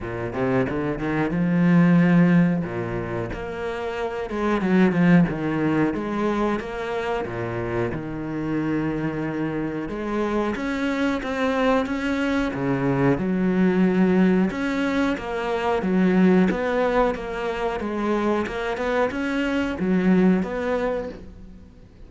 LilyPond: \new Staff \with { instrumentName = "cello" } { \time 4/4 \tempo 4 = 91 ais,8 c8 d8 dis8 f2 | ais,4 ais4. gis8 fis8 f8 | dis4 gis4 ais4 ais,4 | dis2. gis4 |
cis'4 c'4 cis'4 cis4 | fis2 cis'4 ais4 | fis4 b4 ais4 gis4 | ais8 b8 cis'4 fis4 b4 | }